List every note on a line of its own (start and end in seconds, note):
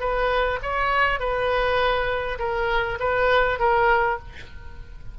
0.00 0.59 B4
0.63 1.20 C#5
1.20 2.38 B4
2.39 2.98 A#4
3.00 3.59 B4
3.59 4.19 A#4